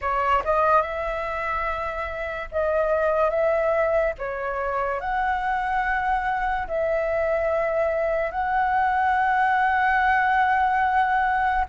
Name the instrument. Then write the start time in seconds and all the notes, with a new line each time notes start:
flute
0.01 C#5
0.44 D#5
0.81 E5
2.51 D#5
3.30 E5
4.18 C#5
5.00 F#5
6.67 E5
8.31 F#5